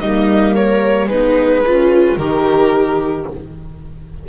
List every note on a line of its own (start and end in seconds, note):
0.00 1.07 G3
0.00 1.09 A#3
0.00 0.55 D#4
0.00 0.55 D#5
0.55 1.10 A#4
0.55 1.09 C#5
1.07 2.16 G#3
1.07 1.63 B3
1.07 1.65 D#4
1.07 2.18 B4
1.66 2.19 C#4
1.66 2.20 F4
2.17 3.26 D#3
2.17 3.28 D#4
2.17 3.29 G4
2.17 3.27 A#4